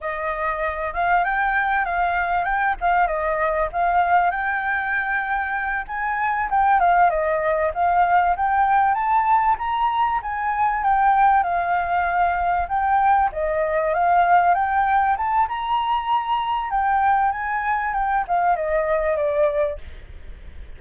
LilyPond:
\new Staff \with { instrumentName = "flute" } { \time 4/4 \tempo 4 = 97 dis''4. f''8 g''4 f''4 | g''8 f''8 dis''4 f''4 g''4~ | g''4. gis''4 g''8 f''8 dis''8~ | dis''8 f''4 g''4 a''4 ais''8~ |
ais''8 gis''4 g''4 f''4.~ | f''8 g''4 dis''4 f''4 g''8~ | g''8 a''8 ais''2 g''4 | gis''4 g''8 f''8 dis''4 d''4 | }